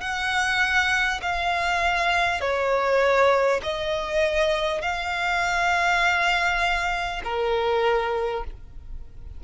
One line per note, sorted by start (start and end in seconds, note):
0.00 1.20 F#5
1.22 2.41 F5
2.41 3.61 C#5
3.62 4.81 D#5
4.81 7.21 F5
7.24 8.44 A#4